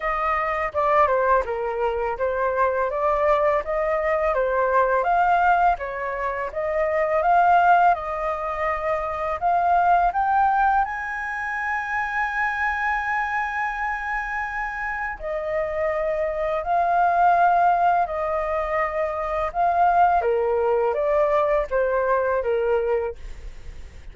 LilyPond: \new Staff \with { instrumentName = "flute" } { \time 4/4 \tempo 4 = 83 dis''4 d''8 c''8 ais'4 c''4 | d''4 dis''4 c''4 f''4 | cis''4 dis''4 f''4 dis''4~ | dis''4 f''4 g''4 gis''4~ |
gis''1~ | gis''4 dis''2 f''4~ | f''4 dis''2 f''4 | ais'4 d''4 c''4 ais'4 | }